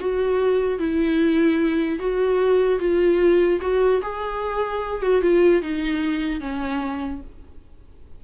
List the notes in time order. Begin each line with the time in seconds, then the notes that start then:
0.00 F#4
0.79 E4
2.00 F#4
2.79 F4
3.61 F#4
4.02 G#4
5.02 F#4
5.22 F4
5.62 D#4
6.41 C#4